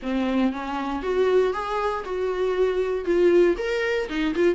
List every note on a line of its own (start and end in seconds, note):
0.02 0.52 C4
0.52 1.02 C#4
1.02 1.53 F#4
1.53 2.04 G#4
2.04 3.05 F#4
3.05 3.55 F4
3.57 4.08 A#4
4.09 4.34 D#4
4.35 4.55 F4